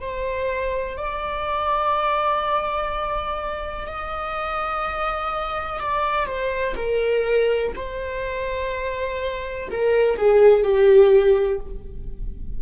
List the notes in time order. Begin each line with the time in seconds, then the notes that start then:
0.00 C5
0.97 D5
3.87 D#5
5.80 D5
6.26 C5
6.75 A#4
7.76 C5
9.70 A#4
10.17 G#4
10.63 G4